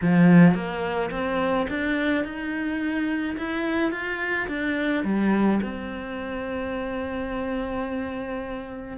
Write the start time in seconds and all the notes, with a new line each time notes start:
0.01 F3
0.54 A#3
1.11 C4
1.69 D4
2.24 D#4
3.37 E4
3.91 F4
4.47 D4
5.04 G3
5.62 C4